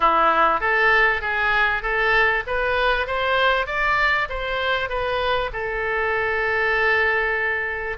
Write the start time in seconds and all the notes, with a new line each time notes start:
0.00 E4
0.60 A4
1.21 G#4
1.82 A4
2.46 B4
3.06 C5
3.66 D5
4.29 C5
4.89 B4
5.52 A4